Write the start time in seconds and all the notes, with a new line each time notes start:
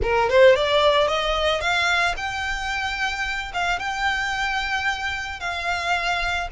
0.02 A#4
0.29 C5
0.55 D5
1.07 D#5
1.60 F5
2.16 G5
3.53 F5
3.79 G5
5.40 F5